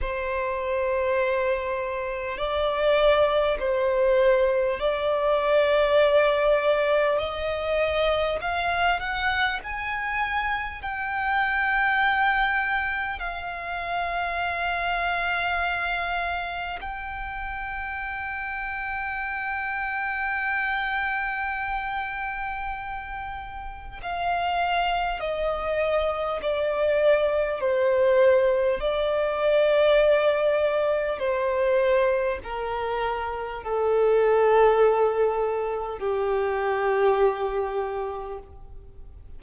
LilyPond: \new Staff \with { instrumentName = "violin" } { \time 4/4 \tempo 4 = 50 c''2 d''4 c''4 | d''2 dis''4 f''8 fis''8 | gis''4 g''2 f''4~ | f''2 g''2~ |
g''1 | f''4 dis''4 d''4 c''4 | d''2 c''4 ais'4 | a'2 g'2 | }